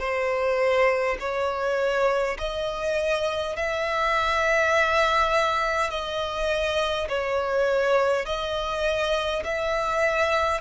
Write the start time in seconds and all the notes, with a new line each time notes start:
0.00 C5
1.20 C#5
2.39 D#5
3.57 E5
5.91 D#5
7.09 C#5
8.26 D#5
9.44 E5